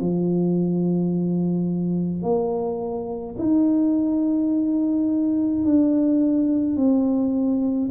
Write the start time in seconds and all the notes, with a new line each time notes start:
0.00 F3
2.22 A#3
3.39 D#4
5.65 D4
6.76 C4